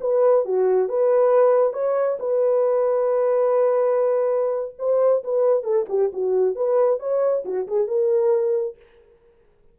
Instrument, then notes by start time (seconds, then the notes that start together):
horn
0.00 B4
0.45 F#4
0.88 B4
1.73 C#5
2.19 B4
4.78 C5
5.23 B4
5.63 A4
5.88 G4
6.13 F#4
6.55 B4
6.99 C#5
7.44 F#4
7.67 G#4
7.87 A#4